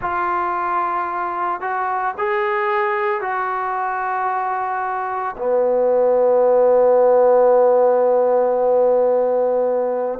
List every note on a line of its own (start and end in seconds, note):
0.01 1.60 F4
1.60 2.14 F#4
2.18 3.21 G#4
3.21 5.35 F#4
5.37 10.19 B3